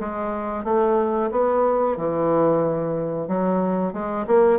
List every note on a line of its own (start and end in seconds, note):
0.00 0.64 G#3
0.64 1.30 A3
1.31 1.97 B3
1.97 3.28 E3
3.28 3.93 F#3
3.93 4.26 G#3
4.27 4.59 A#3